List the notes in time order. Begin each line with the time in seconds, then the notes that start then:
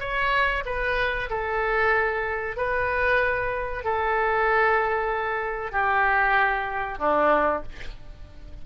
0.00 C#5
0.66 B4
1.30 A4
2.57 B4
3.84 A4
5.72 G4
6.99 D4